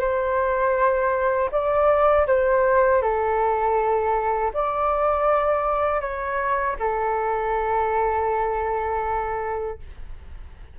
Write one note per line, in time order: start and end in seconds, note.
0.00 1.50 C5
1.51 2.26 D5
2.27 3.02 C5
3.02 4.52 A4
4.53 6.01 D5
6.01 6.76 C#5
6.79 9.79 A4